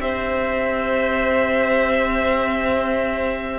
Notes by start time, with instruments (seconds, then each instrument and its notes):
0.00 cello C4, viola G4, violin C5 E5